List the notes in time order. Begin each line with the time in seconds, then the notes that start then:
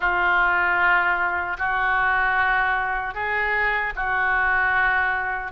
0.00 F4
1.58 F#4
3.14 G#4
3.95 F#4